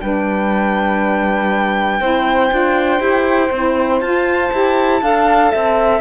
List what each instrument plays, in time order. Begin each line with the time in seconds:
0.00 cello G3, saxophone D4, flute B4, violin G5
2.00 cello C4, saxophone E4, flute C5
2.49 cello D4, saxophone F4
2.98 cello E4, saxophone G4
3.51 cello C4, saxophone E4
4.01 cello F4, saxophone F4, violin A5
4.51 cello E4, saxophone G4
5.01 cello D4, saxophone A4, flute F5
5.51 cello C4, flute E5